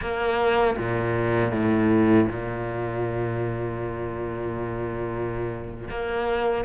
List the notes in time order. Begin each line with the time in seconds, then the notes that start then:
0.01 A#3
0.77 A#2
1.51 A2
2.28 A#2
5.90 A#3